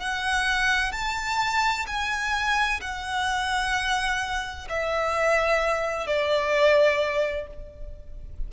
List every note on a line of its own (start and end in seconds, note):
0.00 0.92 F#5
0.92 1.86 A5
1.87 2.81 G#5
2.81 4.69 F#5
4.70 6.07 E5
6.07 7.48 D5